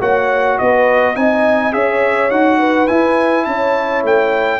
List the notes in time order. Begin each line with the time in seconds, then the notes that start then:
0.00 A#3 F#4 C#5 F#5
0.58 B3 B4 D#5
1.15 C4 D#4 D#5 G#5
1.72 C#4 G#4 C#5 E5
2.30 D#4 F#4 F#5
2.58 B4
2.87 E4 G#5
3.44 C#4 C#5 A5
4.03 A3 G5